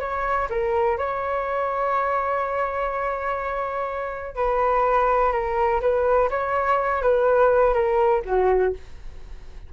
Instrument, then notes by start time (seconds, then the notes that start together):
flute
0.00 C#5
0.49 A#4
0.98 C#5
4.35 B4
5.32 A#4
5.80 B4
6.30 C#5
7.02 B4
7.73 A#4
8.24 F#4